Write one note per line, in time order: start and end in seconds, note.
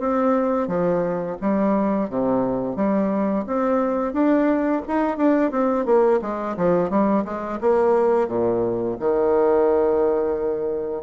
0.00 0.68 C4
0.68 1.37 F3
1.42 2.10 G3
2.10 2.76 C3
2.76 3.45 G3
3.47 4.13 C4
4.13 4.82 D4
4.88 5.18 D#4
5.18 5.52 D4
5.52 5.86 C4
5.86 6.20 A#3
6.22 6.57 G#3
6.57 6.90 F3
6.90 7.25 G3
7.25 7.60 G#3
7.61 8.29 A#3
8.29 8.97 A#2
9.00 11.03 D#3